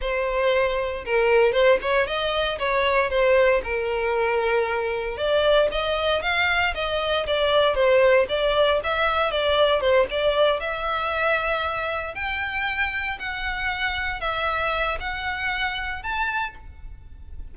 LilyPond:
\new Staff \with { instrumentName = "violin" } { \time 4/4 \tempo 4 = 116 c''2 ais'4 c''8 cis''8 | dis''4 cis''4 c''4 ais'4~ | ais'2 d''4 dis''4 | f''4 dis''4 d''4 c''4 |
d''4 e''4 d''4 c''8 d''8~ | d''8 e''2. g''8~ | g''4. fis''2 e''8~ | e''4 fis''2 a''4 | }